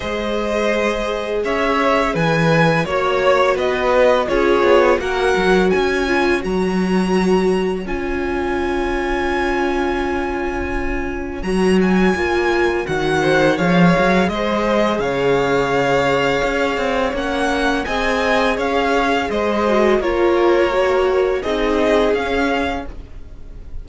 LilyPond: <<
  \new Staff \with { instrumentName = "violin" } { \time 4/4 \tempo 4 = 84 dis''2 e''4 gis''4 | cis''4 dis''4 cis''4 fis''4 | gis''4 ais''2 gis''4~ | gis''1 |
ais''8 gis''4. fis''4 f''4 | dis''4 f''2. | fis''4 gis''4 f''4 dis''4 | cis''2 dis''4 f''4 | }
  \new Staff \with { instrumentName = "violin" } { \time 4/4 c''2 cis''4 b'4 | cis''4 b'4 gis'4 ais'4 | cis''1~ | cis''1~ |
cis''2~ cis''8 c''8 cis''4 | c''4 cis''2.~ | cis''4 dis''4 cis''4 c''4 | ais'2 gis'2 | }
  \new Staff \with { instrumentName = "viola" } { \time 4/4 gis'1 | fis'2 f'4 fis'4~ | fis'8 f'8 fis'2 f'4~ | f'1 |
fis'4 f'4 fis'4 gis'4~ | gis'1 | cis'4 gis'2~ gis'8 fis'8 | f'4 fis'4 dis'4 cis'4 | }
  \new Staff \with { instrumentName = "cello" } { \time 4/4 gis2 cis'4 e4 | ais4 b4 cis'8 b8 ais8 fis8 | cis'4 fis2 cis'4~ | cis'1 |
fis4 ais4 dis4 f8 fis8 | gis4 cis2 cis'8 c'8 | ais4 c'4 cis'4 gis4 | ais2 c'4 cis'4 | }
>>